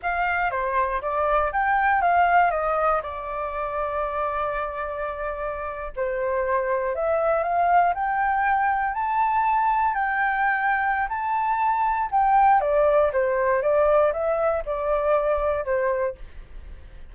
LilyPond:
\new Staff \with { instrumentName = "flute" } { \time 4/4 \tempo 4 = 119 f''4 c''4 d''4 g''4 | f''4 dis''4 d''2~ | d''2.~ d''8. c''16~ | c''4.~ c''16 e''4 f''4 g''16~ |
g''4.~ g''16 a''2 g''16~ | g''2 a''2 | g''4 d''4 c''4 d''4 | e''4 d''2 c''4 | }